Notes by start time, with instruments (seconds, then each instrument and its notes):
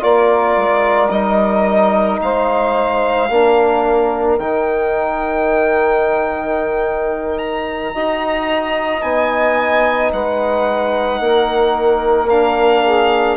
0.00 bassoon A#3, trombone F4, saxophone A#4, violin D5
0.57 bassoon G#3
1.10 bassoon G3, trombone D#4, violin D#5
2.21 bassoon G#3, saxophone C5, violin F5
3.29 bassoon A#3, trombone D4, saxophone A#4
4.38 bassoon D#3, trombone D#4, violin G5
7.38 violin A#5
7.93 bassoon D#4, trombone F#4, saxophone D#5
9.00 bassoon B3, trombone D#4, violin G#5
10.12 bassoon G#3, saxophone B4, violin F#5
11.20 bassoon A#3, saxophone A#4
12.29 trombone D4, violin F5
12.84 saxophone G#4